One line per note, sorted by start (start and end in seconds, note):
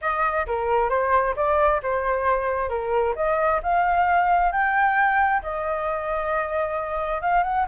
0.01 0.46 D#5
0.47 0.89 A#4
0.89 1.35 C5
1.36 1.81 D5
1.82 2.69 C5
2.69 3.14 A#4
3.15 3.60 D#5
3.62 4.51 F5
4.51 5.42 G5
5.42 7.21 D#5
7.21 7.43 F5
7.43 7.65 F#5